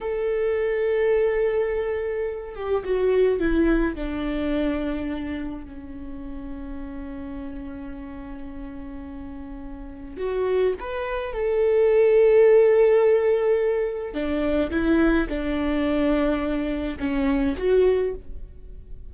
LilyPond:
\new Staff \with { instrumentName = "viola" } { \time 4/4 \tempo 4 = 106 a'1~ | a'8 g'8 fis'4 e'4 d'4~ | d'2 cis'2~ | cis'1~ |
cis'2 fis'4 b'4 | a'1~ | a'4 d'4 e'4 d'4~ | d'2 cis'4 fis'4 | }